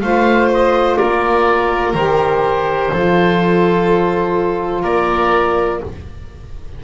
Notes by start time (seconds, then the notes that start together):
0.00 A3 F4 C5 F5
0.54 D#5
0.97 A#3 A#4 D5
1.94 D#3 G4 C5
2.92 F3 F4 A4
4.81 A#3 A#4 D5